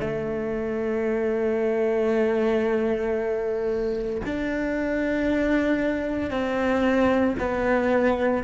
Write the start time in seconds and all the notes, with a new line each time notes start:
0.00 A3
4.25 D4
6.30 C4
7.39 B3